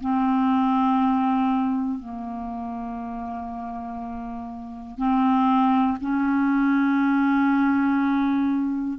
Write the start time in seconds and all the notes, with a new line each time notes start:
0.00 C4
1.99 A#3
4.97 C4
6.00 C#4